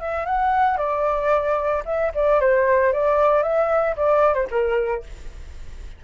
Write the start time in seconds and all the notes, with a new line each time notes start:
0.00 E5
0.26 F#5
0.78 D5
1.86 E5
2.15 D5
2.41 C5
2.93 D5
3.43 E5
3.97 D5
4.34 C5
4.51 A#4